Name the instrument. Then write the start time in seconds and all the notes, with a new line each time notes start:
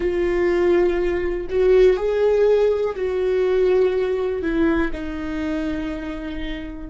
viola
0.00 F4
1.49 F#4
1.96 G#4
2.95 F#4
4.42 E4
4.92 D#4